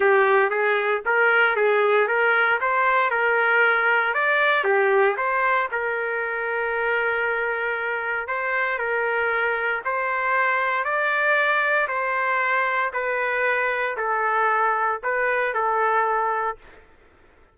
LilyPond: \new Staff \with { instrumentName = "trumpet" } { \time 4/4 \tempo 4 = 116 g'4 gis'4 ais'4 gis'4 | ais'4 c''4 ais'2 | d''4 g'4 c''4 ais'4~ | ais'1 |
c''4 ais'2 c''4~ | c''4 d''2 c''4~ | c''4 b'2 a'4~ | a'4 b'4 a'2 | }